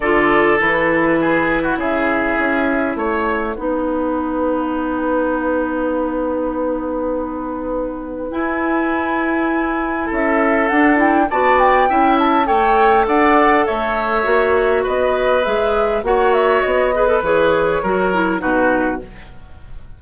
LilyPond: <<
  \new Staff \with { instrumentName = "flute" } { \time 4/4 \tempo 4 = 101 d''4 b'2 e''4~ | e''4 fis''2.~ | fis''1~ | fis''2 gis''2~ |
gis''4 e''4 fis''8 g''8 a''8 g''8~ | g''8 a''8 g''4 fis''4 e''4~ | e''4 dis''4 e''4 fis''8 e''8 | dis''4 cis''2 b'4 | }
  \new Staff \with { instrumentName = "oboe" } { \time 4/4 a'2 gis'8. fis'16 gis'4~ | gis'4 cis''4 b'2~ | b'1~ | b'1~ |
b'4 a'2 d''4 | e''4 cis''4 d''4 cis''4~ | cis''4 b'2 cis''4~ | cis''8 b'4. ais'4 fis'4 | }
  \new Staff \with { instrumentName = "clarinet" } { \time 4/4 f'4 e'2.~ | e'2 dis'2~ | dis'1~ | dis'2 e'2~ |
e'2 d'8 e'8 fis'4 | e'4 a'2. | fis'2 gis'4 fis'4~ | fis'8 gis'16 a'16 gis'4 fis'8 e'8 dis'4 | }
  \new Staff \with { instrumentName = "bassoon" } { \time 4/4 d4 e2 cis4 | cis'4 a4 b2~ | b1~ | b2 e'2~ |
e'4 cis'4 d'4 b4 | cis'4 a4 d'4 a4 | ais4 b4 gis4 ais4 | b4 e4 fis4 b,4 | }
>>